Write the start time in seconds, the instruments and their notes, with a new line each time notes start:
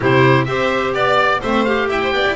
0.00 double bass C3, clarinet E4, violin G4, oboe C5
0.45 double bass C4, clarinet G4, violin C5, oboe E5
0.93 double bass B3, violin D5, oboe D5
1.40 double bass A3, clarinet C4, violin C5, oboe E5
1.64 clarinet G4, oboe F5
1.89 double bass E4, violin E5, oboe G5
2.02 violin C5
2.12 double bass B3, violin D5
2.26 double bass E4